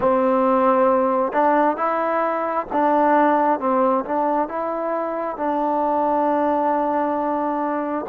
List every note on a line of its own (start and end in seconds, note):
0.00 1.32 C4
1.32 1.77 D4
1.77 2.66 E4
2.72 3.59 D4
3.59 4.04 C4
4.05 4.48 D4
4.48 5.36 E4
5.36 8.05 D4